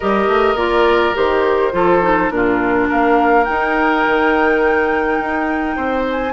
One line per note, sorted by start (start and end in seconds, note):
0.00 0.27 G3
0.00 0.56 G4
0.00 1.72 A#4
0.00 0.57 D#5
0.27 0.54 A3
0.54 1.12 A#3
0.54 1.14 F4
0.54 1.15 D5
1.14 1.73 D#3
1.14 1.72 G4
1.14 2.30 C5
1.72 2.30 F3
1.72 2.00 F4
1.72 2.32 A4
2.01 2.30 D#4
2.30 2.88 A#2
2.30 3.45 D4
2.30 2.88 F4
2.30 2.88 A#4
2.88 3.48 A#3
2.88 5.76 A#4
2.88 3.44 F5
3.44 6.33 D#4
3.44 4.06 D#4
3.44 6.03 G5
4.06 5.19 D#3
5.19 5.76 D#4
5.76 6.33 C4
5.76 6.33 C5
6.10 6.33 G#5